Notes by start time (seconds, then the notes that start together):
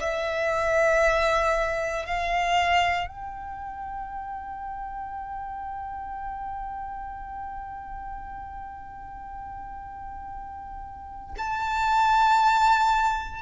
0.00 E5
2.06 F5
3.08 G5
11.38 A5